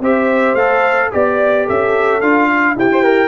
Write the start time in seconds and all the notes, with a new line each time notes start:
0.00 C4 G4 C5 E5
0.54 A3 A4 F5
1.12 B3 G4 D5
1.66 C#4 A4 E5
2.21 D4 F4 F5
2.50 F5
2.76 C3 E4 G4 G5
2.93 C5
3.04 A#4